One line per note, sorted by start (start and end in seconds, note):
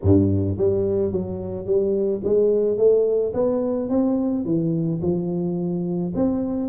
0.02 0.57 G2
0.57 1.11 G3
1.11 1.66 F#3
1.66 2.21 G3
2.23 2.77 G#3
2.77 3.33 A3
3.33 3.89 B3
3.89 4.44 C4
4.44 5.00 E3
5.02 6.13 F3
6.15 6.69 C4